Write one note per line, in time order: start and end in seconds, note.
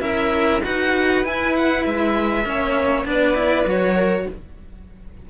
0.00 0.61 C#4
0.00 0.61 E4
0.00 0.63 A#4
0.00 0.62 E5
0.64 1.24 D#4
0.64 1.22 F#4
0.64 2.46 B4
0.64 1.25 F#5
1.22 2.44 E4
1.22 1.85 E4
1.22 1.55 G#5
1.56 1.85 F#5
1.85 2.45 G#3
1.85 3.06 E5
2.44 3.05 A#3
2.44 3.05 C#4
2.44 3.07 C#5
3.05 3.65 B3
3.05 3.34 D4
3.05 3.94 B4
3.05 3.69 D5
3.34 3.65 E4
3.65 4.26 F#3
3.65 4.28 F#4
3.65 4.30 C#5
3.94 4.25 A#4